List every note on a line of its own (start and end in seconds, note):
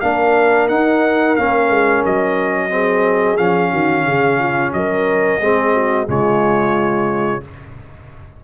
0.00 0.69 A#3
0.00 0.70 D4
0.00 2.72 A#4
0.00 0.67 F5
0.68 1.36 D#4
0.68 1.37 D#4
0.68 1.35 F#5
1.36 1.69 A#3
1.36 2.69 C#4
1.36 2.03 F5
1.69 2.03 G#3
2.04 3.38 F#3
2.04 3.37 D#5
2.69 3.37 C4
2.69 3.71 G#4
3.37 3.72 F3
3.37 5.40 C#4
3.37 4.72 F5
3.71 4.06 D#3
3.71 4.04 F#4
4.06 4.73 C#3
4.06 4.39 G#4
4.39 4.73 F4
4.73 5.40 F#3
4.73 5.43 A#4
4.73 6.07 D#5
5.40 6.07 G#3
5.40 6.06 C4
5.40 5.74 G#4
5.74 6.08 F#4
6.06 7.43 C#3
6.06 7.41 G#3
6.06 7.43 F4
6.06 7.44 C#5